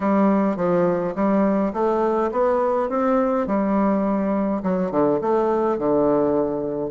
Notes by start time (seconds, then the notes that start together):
0.00 G3
0.56 F3
1.15 G3
1.73 A3
2.31 B3
2.89 C4
3.46 G3
4.62 F#3
4.91 D3
5.21 A3
5.78 D3